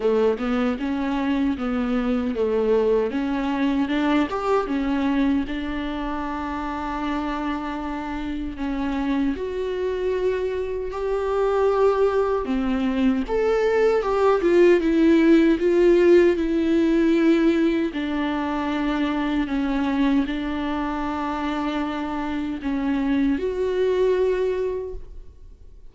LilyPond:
\new Staff \with { instrumentName = "viola" } { \time 4/4 \tempo 4 = 77 a8 b8 cis'4 b4 a4 | cis'4 d'8 g'8 cis'4 d'4~ | d'2. cis'4 | fis'2 g'2 |
c'4 a'4 g'8 f'8 e'4 | f'4 e'2 d'4~ | d'4 cis'4 d'2~ | d'4 cis'4 fis'2 | }